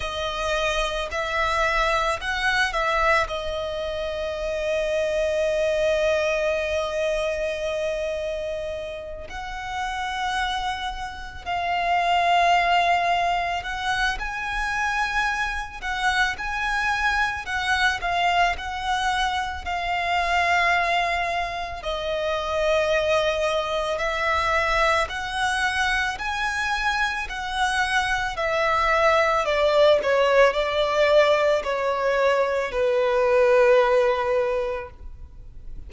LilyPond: \new Staff \with { instrumentName = "violin" } { \time 4/4 \tempo 4 = 55 dis''4 e''4 fis''8 e''8 dis''4~ | dis''1~ | dis''8 fis''2 f''4.~ | f''8 fis''8 gis''4. fis''8 gis''4 |
fis''8 f''8 fis''4 f''2 | dis''2 e''4 fis''4 | gis''4 fis''4 e''4 d''8 cis''8 | d''4 cis''4 b'2 | }